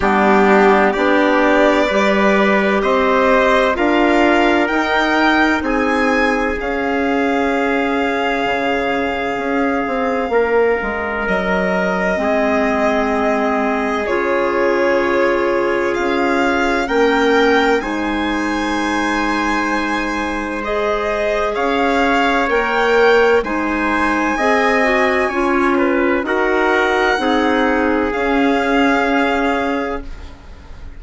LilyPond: <<
  \new Staff \with { instrumentName = "violin" } { \time 4/4 \tempo 4 = 64 g'4 d''2 dis''4 | f''4 g''4 gis''4 f''4~ | f''1 | dis''2. cis''4~ |
cis''4 f''4 g''4 gis''4~ | gis''2 dis''4 f''4 | g''4 gis''2. | fis''2 f''2 | }
  \new Staff \with { instrumentName = "trumpet" } { \time 4/4 d'4 g'4 b'4 c''4 | ais'2 gis'2~ | gis'2. ais'4~ | ais'4 gis'2.~ |
gis'2 ais'4 c''4~ | c''2. cis''4~ | cis''4 c''4 dis''4 cis''8 b'8 | ais'4 gis'2. | }
  \new Staff \with { instrumentName = "clarinet" } { \time 4/4 b4 d'4 g'2 | f'4 dis'2 cis'4~ | cis'1~ | cis'4 c'2 f'4~ |
f'2 cis'4 dis'4~ | dis'2 gis'2 | ais'4 dis'4 gis'8 fis'8 f'4 | fis'4 dis'4 cis'2 | }
  \new Staff \with { instrumentName = "bassoon" } { \time 4/4 g4 b4 g4 c'4 | d'4 dis'4 c'4 cis'4~ | cis'4 cis4 cis'8 c'8 ais8 gis8 | fis4 gis2 cis4~ |
cis4 cis'4 ais4 gis4~ | gis2. cis'4 | ais4 gis4 c'4 cis'4 | dis'4 c'4 cis'2 | }
>>